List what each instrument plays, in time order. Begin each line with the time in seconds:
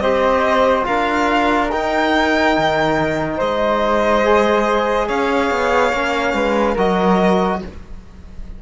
0.00 cello C4, trombone G4, flute C5, violin D#5
0.83 cello D4, trombone F4, flute A#4, violin F5
1.71 cello D#4, trombone D#4, violin G5
2.58 cello D#3
3.38 cello G#3, flute C5, violin D#5
4.25 trombone G#4
5.08 cello C#4, flute C#5, violin F5
5.51 cello B3
5.93 cello A#3, trombone C#4
6.34 cello G#3, flute B4
6.75 cello F#3, trombone F#4, flute A#4, violin D#5